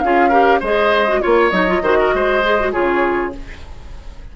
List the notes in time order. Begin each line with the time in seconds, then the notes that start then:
0.00 C#4 F4 G#4 F5
0.29 G4 A#4
0.60 G#3 G#4 C5 D#5
1.08 F#4
1.21 A#3 F4 C#5
1.50 F#3 D#4 D#5
1.68 F4
1.82 D#3 F#4 C5
1.99 A#4
2.14 G#3 C5
2.44 G#4
2.60 F#4
2.73 C#3 F4 G#4 C#5